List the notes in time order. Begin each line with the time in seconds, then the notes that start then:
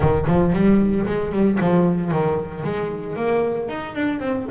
0.00 D#3
0.27 F3
0.53 G3
1.06 G#3
1.32 G3
1.60 F3
2.11 D#3
2.63 G#3
3.16 A#3
3.68 D#4
3.95 D4
4.19 C4